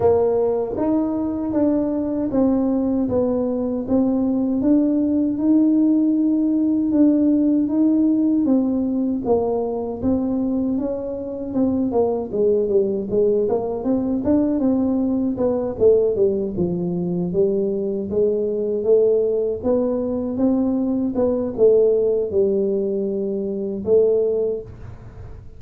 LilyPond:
\new Staff \with { instrumentName = "tuba" } { \time 4/4 \tempo 4 = 78 ais4 dis'4 d'4 c'4 | b4 c'4 d'4 dis'4~ | dis'4 d'4 dis'4 c'4 | ais4 c'4 cis'4 c'8 ais8 |
gis8 g8 gis8 ais8 c'8 d'8 c'4 | b8 a8 g8 f4 g4 gis8~ | gis8 a4 b4 c'4 b8 | a4 g2 a4 | }